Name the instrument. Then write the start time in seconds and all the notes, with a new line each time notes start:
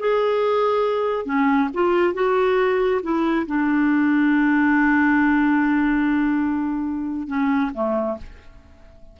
clarinet
0.00 G#4
1.26 C#4
1.74 F4
2.14 F#4
3.03 E4
3.47 D4
7.28 C#4
7.74 A3